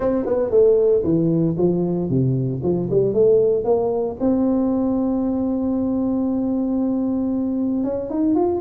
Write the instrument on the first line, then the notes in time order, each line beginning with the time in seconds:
tuba
0.00 C4
0.25 B3
0.50 A3
1.03 E3
1.57 F3
2.09 C3
2.63 F3
2.90 G3
3.13 A3
3.64 A#3
4.20 C4
7.84 C#4
8.10 D#4
8.35 F4